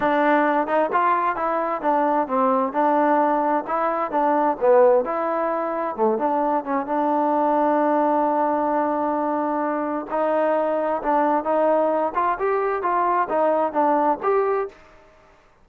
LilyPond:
\new Staff \with { instrumentName = "trombone" } { \time 4/4 \tempo 4 = 131 d'4. dis'8 f'4 e'4 | d'4 c'4 d'2 | e'4 d'4 b4 e'4~ | e'4 a8 d'4 cis'8 d'4~ |
d'1~ | d'2 dis'2 | d'4 dis'4. f'8 g'4 | f'4 dis'4 d'4 g'4 | }